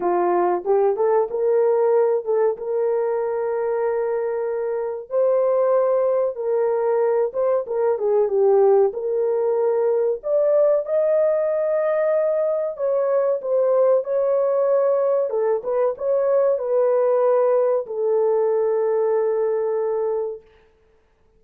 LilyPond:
\new Staff \with { instrumentName = "horn" } { \time 4/4 \tempo 4 = 94 f'4 g'8 a'8 ais'4. a'8 | ais'1 | c''2 ais'4. c''8 | ais'8 gis'8 g'4 ais'2 |
d''4 dis''2. | cis''4 c''4 cis''2 | a'8 b'8 cis''4 b'2 | a'1 | }